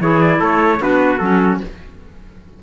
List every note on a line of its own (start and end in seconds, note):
0.00 0.40 E3
0.00 0.78 E4
0.00 0.39 G#4
0.00 0.21 C#5
0.21 0.41 D5
0.39 0.80 A3
0.39 0.79 A4
0.39 0.82 C#5
0.78 1.20 B3
0.78 1.18 D4
0.78 1.62 F#4
0.78 1.18 B4
1.18 1.60 F#3
1.18 1.61 C#4
1.18 1.59 A4